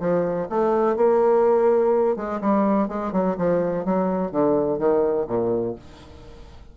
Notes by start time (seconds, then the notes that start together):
0.00 F3
0.50 A3
0.96 A#3
2.16 G#3
2.42 G3
2.88 G#3
3.13 F#3
3.38 F3
3.85 F#3
4.32 D3
4.79 D#3
5.28 A#2